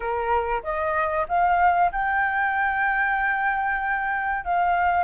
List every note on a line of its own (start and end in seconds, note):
0.00 0.61 A#4
0.63 1.26 D#5
1.28 1.91 F5
1.91 4.44 G5
4.44 5.04 F5